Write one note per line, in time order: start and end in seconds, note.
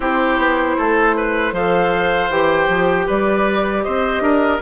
0.00 0.37 C4
0.00 1.54 E4
0.00 0.77 G4
0.00 1.54 C5
0.37 0.75 B3
0.77 1.52 A3
0.77 1.16 A4
1.16 1.53 B4
1.52 2.29 F3
1.52 2.31 A4
1.52 3.07 C5
1.52 2.31 F5
2.29 2.67 E3
2.29 4.62 G4
2.29 3.08 G5
2.68 3.06 F3
3.07 3.85 G3
3.07 3.83 B4
3.07 3.82 D5
3.82 4.20 C4
3.82 4.23 C5
3.82 4.59 D#5
4.20 4.58 D4
4.20 4.61 A#4